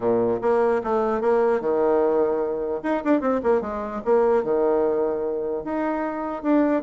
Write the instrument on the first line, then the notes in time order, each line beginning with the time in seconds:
bassoon
0.00 A#2
0.41 A#3
0.83 A3
1.21 A#3
1.60 D#3
2.82 D#4
3.04 D4
3.20 C4
3.43 A#3
3.61 G#3
4.04 A#3
4.43 D#3
5.64 D#4
6.42 D4